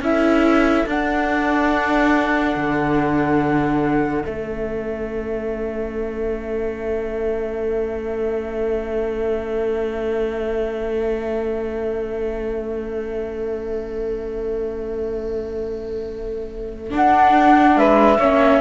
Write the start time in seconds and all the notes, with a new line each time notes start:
0.00 C#4 E4 A4 E5
0.86 D4 F#5
2.56 D3
4.24 A3 C#4 E5
16.90 D4 F#5
17.76 G#3 B4 E5
18.18 A#3 C#4 C#5